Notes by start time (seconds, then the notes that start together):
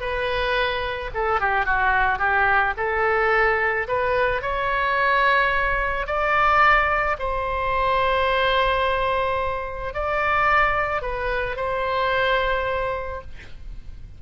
0.00 B4
1.14 A4
1.40 G4
1.65 F#4
2.18 G4
2.77 A4
3.87 B4
4.42 C#5
6.07 D5
7.19 C5
9.94 D5
11.02 B4
11.56 C5